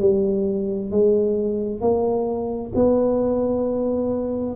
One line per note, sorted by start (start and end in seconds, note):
0.00 0.91 G3
0.91 1.81 G#3
1.81 2.72 A#3
2.75 4.55 B3